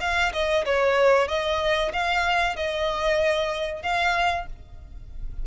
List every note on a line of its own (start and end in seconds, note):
0.00 0.32 F5
0.32 0.64 D#5
0.65 1.28 C#5
1.28 1.91 D#5
1.93 2.56 F5
2.56 3.82 D#5
3.82 4.46 F5